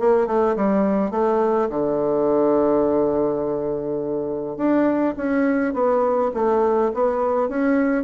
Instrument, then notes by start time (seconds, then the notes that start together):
bassoon
0.00 A#3
0.27 A3
0.56 G3
1.11 A3
1.70 D3
4.57 D4
5.17 C#4
5.74 B3
6.34 A3
6.94 B3
7.49 C#4